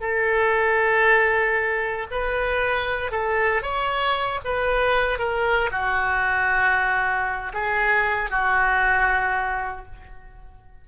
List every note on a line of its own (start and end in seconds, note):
0.00 2.07 A4
2.11 3.11 B4
3.11 3.62 A4
3.62 4.40 C#5
4.45 5.18 B4
5.18 5.70 A#4
5.71 7.52 F#4
7.53 8.30 G#4
8.30 9.85 F#4